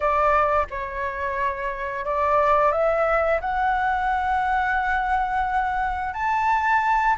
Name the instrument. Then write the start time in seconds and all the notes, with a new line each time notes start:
flute
0.00 D5
0.70 C#5
2.05 D5
2.72 E5
3.40 F#5
6.13 A5